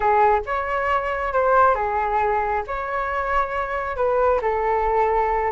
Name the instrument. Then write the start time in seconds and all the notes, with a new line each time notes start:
flute
0.00 G#4
0.46 C#5
1.33 C5
1.74 G#4
2.67 C#5
3.96 B4
4.41 A4